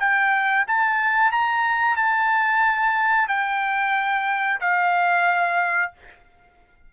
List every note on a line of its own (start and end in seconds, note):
0.00 0.66 G5
0.68 1.32 A5
1.32 1.97 A#5
1.97 3.28 A5
3.28 4.60 G5
4.61 5.93 F5